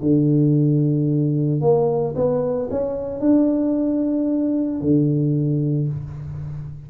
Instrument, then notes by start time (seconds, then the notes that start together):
tuba
0.00 D3
1.61 A#3
2.15 B3
2.70 C#4
3.20 D4
4.81 D3